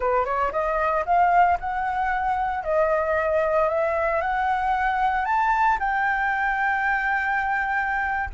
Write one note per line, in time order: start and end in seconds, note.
0.00 0.25 B4
0.25 0.51 C#5
0.52 1.04 D#5
1.05 1.58 F5
1.60 2.63 F#5
2.63 3.68 D#5
3.68 4.21 E5
4.21 5.25 F#5
5.25 5.77 A5
5.79 8.29 G5